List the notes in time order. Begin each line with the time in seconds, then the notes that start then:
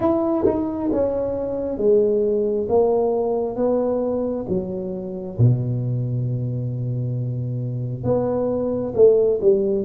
0.00 E4
0.45 D#4
0.92 C#4
1.77 G#3
2.69 A#3
3.56 B3
4.48 F#3
5.38 B2
8.04 B3
8.94 A3
9.41 G3